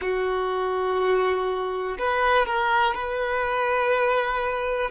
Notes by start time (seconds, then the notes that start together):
0.00 F#4
1.98 B4
2.46 A#4
2.94 B4